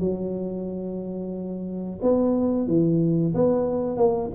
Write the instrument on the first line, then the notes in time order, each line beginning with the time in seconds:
tuba
0.00 F#3
2.02 B3
2.68 E3
3.35 B3
3.97 A#3